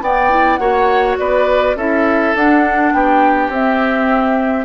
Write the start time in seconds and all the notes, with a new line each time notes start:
0.00 B3 D5 G5
0.30 E4
0.56 A#3 F#4 C#5 F#5
1.18 B3 B4 D5
1.75 C#4 E4 A4 E5
2.34 D4 F#5
2.92 B3 G4 G5
3.48 C4 E5